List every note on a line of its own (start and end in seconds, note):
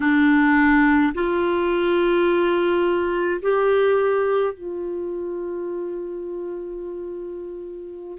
0.00 1.13 D4
1.14 3.41 F4
3.42 4.53 G4
4.53 8.18 F4